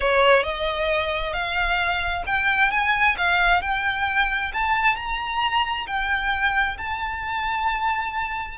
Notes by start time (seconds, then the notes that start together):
0.00 C#5
0.43 D#5
1.33 F5
2.26 G5
2.71 G#5
3.17 F5
3.61 G5
4.53 A5
4.96 A#5
5.86 G5
6.77 A5